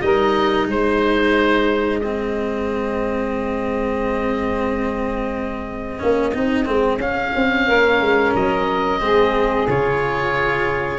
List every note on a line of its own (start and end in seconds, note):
0.00 0.66 G3
0.00 2.02 D#4
0.00 0.68 A#4
0.00 0.67 D#5
0.66 6.00 G#3
0.66 7.66 G#4
0.66 2.00 C5
2.00 5.99 C4
2.00 7.00 D#5
5.99 6.34 A#3
5.99 6.32 C#4
6.34 6.67 C4
6.34 6.65 D#4
6.65 6.98 G#3
6.65 6.98 C4
6.98 7.31 C#4
6.98 9.00 C#4
6.98 8.33 F5
7.35 7.68 C4
7.66 8.00 A#3
7.66 9.00 A#4
8.00 8.34 G#3
8.35 9.00 F#3
8.35 9.69 D#5
9.00 9.67 G#3
9.00 9.67 C4
9.00 10.98 G#4
9.68 10.98 C#3
9.68 10.98 F4
9.68 10.98 C#5